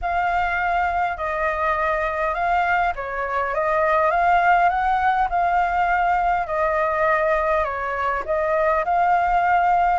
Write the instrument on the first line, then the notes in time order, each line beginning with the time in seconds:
flute
0.01 F5
1.17 D#5
2.34 F5
2.95 C#5
3.54 D#5
4.10 F5
4.69 F#5
5.29 F5
6.46 D#5
7.64 C#5
8.25 D#5
8.84 F5